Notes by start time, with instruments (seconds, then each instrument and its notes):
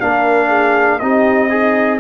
0.00 tuba A#3, trombone D4, horn A#4, trumpet F5
0.48 horn G#4
0.99 tuba C4, trombone D#4, horn G4, trumpet D#5
1.50 horn D#4, trombone G#4